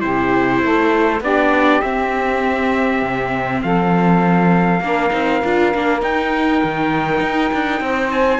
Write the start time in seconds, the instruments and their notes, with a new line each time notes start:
0.00 cello C3, viola E4, saxophone G4, trumpet C5
0.63 cello A3, saxophone A4
1.21 cello B3, viola D4, saxophone G4, trumpet D5
1.82 viola C4, cello C4, trumpet E5
3.03 cello C3
3.62 cello F3, saxophone A4, trumpet F5
4.81 cello A#3, viola D4, saxophone A#4
5.10 cello C4, viola D#4
5.44 cello D4, viola F4
5.74 cello A#3, viola D4
6.00 viola D#4, cello D#4, trumpet G5
6.64 cello D#3
7.21 cello D#4
7.54 cello D4
7.81 cello C4, saxophone C5
8.11 trumpet G#5